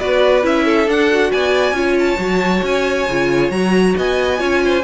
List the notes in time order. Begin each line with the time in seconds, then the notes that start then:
0.00 B3 F#4 B4 D5
0.43 C#4 E4 E5
0.65 A4
0.88 D4 F#5
1.11 F#4
1.32 B3 D5 G#5
1.72 C#4 F4 C#5
1.99 A5
2.19 F#3 F#4
2.63 C#4 G#5
3.08 C#3 F4
3.50 F#3 F#4 A#5
3.97 B3 D#5 G#5
4.38 C#4 F4 C#5
4.65 C5